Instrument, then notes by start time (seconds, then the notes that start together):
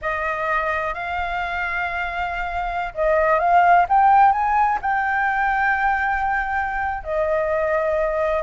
flute
0.01 D#5
0.94 F5
2.94 D#5
3.39 F5
3.88 G5
4.32 G#5
4.81 G5
7.03 D#5